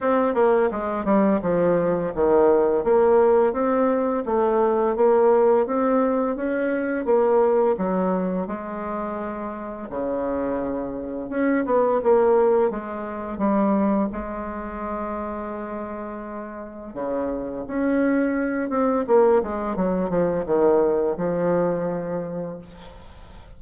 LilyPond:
\new Staff \with { instrumentName = "bassoon" } { \time 4/4 \tempo 4 = 85 c'8 ais8 gis8 g8 f4 dis4 | ais4 c'4 a4 ais4 | c'4 cis'4 ais4 fis4 | gis2 cis2 |
cis'8 b8 ais4 gis4 g4 | gis1 | cis4 cis'4. c'8 ais8 gis8 | fis8 f8 dis4 f2 | }